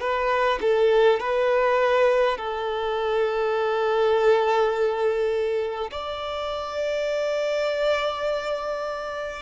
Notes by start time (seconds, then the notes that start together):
0.00 B4
0.61 A4
1.20 B4
2.37 A4
5.91 D5